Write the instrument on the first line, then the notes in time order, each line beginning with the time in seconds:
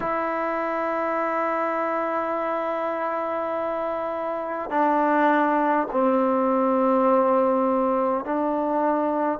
trombone
0.00 E4
4.70 D4
5.91 C4
8.24 D4